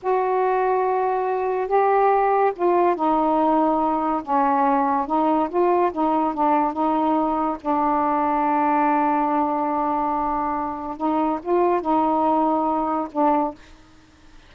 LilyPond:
\new Staff \with { instrumentName = "saxophone" } { \time 4/4 \tempo 4 = 142 fis'1 | g'2 f'4 dis'4~ | dis'2 cis'2 | dis'4 f'4 dis'4 d'4 |
dis'2 d'2~ | d'1~ | d'2 dis'4 f'4 | dis'2. d'4 | }